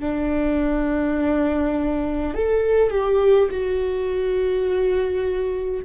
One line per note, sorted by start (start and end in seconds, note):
0.00 2.34 D4
2.34 2.90 A4
2.90 3.49 G4
3.50 5.84 F#4